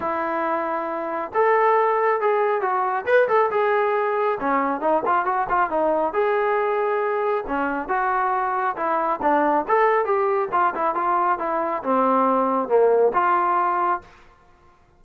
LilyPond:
\new Staff \with { instrumentName = "trombone" } { \time 4/4 \tempo 4 = 137 e'2. a'4~ | a'4 gis'4 fis'4 b'8 a'8 | gis'2 cis'4 dis'8 f'8 | fis'8 f'8 dis'4 gis'2~ |
gis'4 cis'4 fis'2 | e'4 d'4 a'4 g'4 | f'8 e'8 f'4 e'4 c'4~ | c'4 ais4 f'2 | }